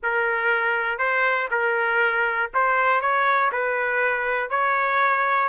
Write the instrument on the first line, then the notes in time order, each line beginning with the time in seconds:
trumpet
0.02 A#4
0.98 C5
1.50 A#4
2.54 C5
3.01 C#5
3.52 B4
4.50 C#5